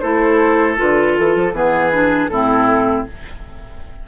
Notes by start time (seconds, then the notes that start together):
0.00 A3 E4 A4 C5
0.77 D3 F4 B4
1.18 E3 A4
1.36 F3
1.53 E3 B3 G#4 B4
1.93 D4
2.28 A2 C4 E4 A4